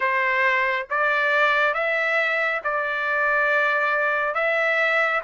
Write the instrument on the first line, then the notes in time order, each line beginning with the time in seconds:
trumpet
0.00 C5
0.89 D5
1.74 E5
2.64 D5
4.34 E5